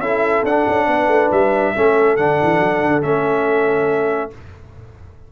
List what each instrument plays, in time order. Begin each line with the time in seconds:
0.00 tuba C#4, trombone E4, horn A4, trumpet E5
0.44 tuba D4, trombone D4, trumpet F#5
0.69 tuba C#4
0.87 tuba B3, horn B4
1.07 tuba A3
1.32 tuba G3, trumpet E5
1.75 tuba A3, trombone C#4, horn A4
2.17 tuba D3, trombone D4, trumpet F#5
2.43 tuba E3
2.60 tuba F#3
2.82 tuba D3
3.02 tuba A3, trombone C#4, trumpet E5